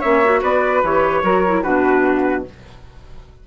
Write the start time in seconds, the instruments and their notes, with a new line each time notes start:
0.00 bassoon A#3, clarinet C#4, flute C#5, trumpet E5
0.24 clarinet F#4
0.42 bassoon B3, flute B4, trumpet D5
0.84 bassoon E3, clarinet G4, trumpet C#5
1.23 bassoon F#3, clarinet F#4, flute A#4
1.47 clarinet E4
1.63 bassoon B2, clarinet D4, flute F#4, trumpet B4